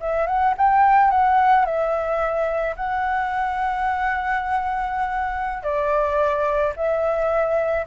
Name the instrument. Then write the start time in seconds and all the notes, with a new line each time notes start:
flute
0.00 E5
0.27 F#5
0.57 G5
1.10 F#5
1.65 E5
2.76 F#5
5.63 D5
6.76 E5